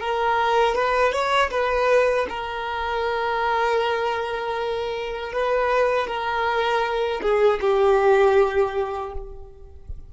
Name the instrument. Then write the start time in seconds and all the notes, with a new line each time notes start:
violin
0.00 A#4
0.75 B4
1.12 C#5
1.51 B4
2.29 A#4
5.32 B4
6.07 A#4
7.22 G#4
7.61 G4